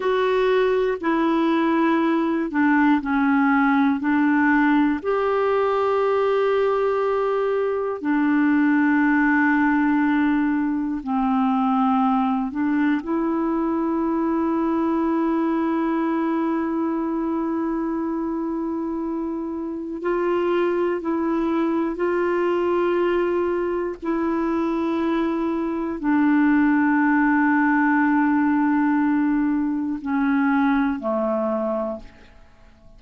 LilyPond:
\new Staff \with { instrumentName = "clarinet" } { \time 4/4 \tempo 4 = 60 fis'4 e'4. d'8 cis'4 | d'4 g'2. | d'2. c'4~ | c'8 d'8 e'2.~ |
e'1 | f'4 e'4 f'2 | e'2 d'2~ | d'2 cis'4 a4 | }